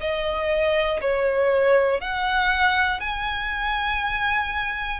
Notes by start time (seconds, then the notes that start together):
0.00 D#5
1.00 C#5
2.00 F#5
3.00 G#5